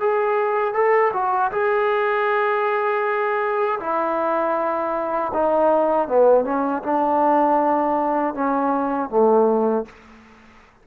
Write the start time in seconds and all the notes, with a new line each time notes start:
0.00 G#4
0.73 A4
1.13 F#4
1.51 G#4
3.80 E4
5.34 D#4
6.08 B3
6.45 C#4
6.83 D4
8.34 C#4
9.10 A3